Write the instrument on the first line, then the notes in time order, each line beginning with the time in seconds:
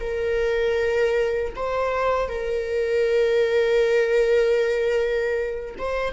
viola
0.00 A#4
1.56 C5
2.29 A#4
5.78 C5